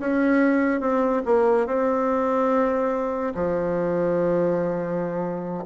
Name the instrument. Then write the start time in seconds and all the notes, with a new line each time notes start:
bassoon
0.00 C#4
0.81 C4
1.25 A#3
1.67 C4
3.35 F3